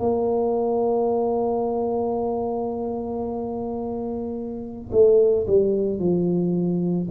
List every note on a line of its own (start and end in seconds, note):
0.00 4.91 A#3
4.92 5.46 A3
5.47 6.00 G3
6.00 7.09 F3